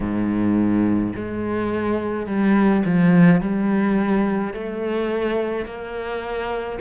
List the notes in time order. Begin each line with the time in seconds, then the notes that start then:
0.00 G#2
1.15 G#3
2.26 G3
2.85 F3
3.40 G3
4.53 A3
5.66 A#3